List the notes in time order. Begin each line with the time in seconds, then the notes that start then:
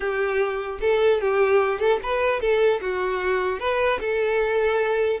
0.00 G4
0.81 A4
1.20 G4
1.79 A4
2.03 B4
2.40 A4
2.81 F#4
3.59 B4
4.00 A4